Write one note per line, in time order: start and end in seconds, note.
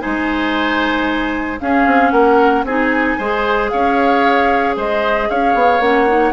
0.00 1.58 D#4
0.00 1.60 C5
0.00 1.59 G#5
0.06 1.61 G#3
1.61 1.87 C#4
1.61 2.67 C#4
1.61 2.13 G#4
1.61 2.11 F5
1.87 2.12 C4
2.11 2.64 A#3
2.11 2.66 A#4
2.11 2.64 F#5
2.64 3.17 C4
2.64 3.21 D#4
2.64 3.18 G#4
2.64 3.70 G#5
3.18 3.72 G#3
3.18 5.82 G#4
3.18 3.71 C5
3.70 4.77 C#4
3.70 4.77 C#5
3.70 4.75 F5
4.77 5.29 G#3
4.77 5.29 C5
4.77 5.30 D#5
5.30 5.55 C#4
5.30 6.33 C#5
5.30 5.81 F5
5.55 5.80 B3
5.80 6.33 A#3
5.80 6.08 C#4
5.80 6.33 F#5
6.08 6.33 D#4